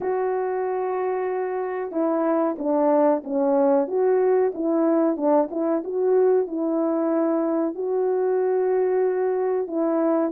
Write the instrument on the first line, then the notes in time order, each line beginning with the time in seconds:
horn
0.00 F#4
1.91 E4
2.58 D4
3.24 C#4
3.87 F#4
4.54 E4
5.16 D4
5.50 E4
5.84 F#4
6.47 E4
7.74 F#4
9.67 E4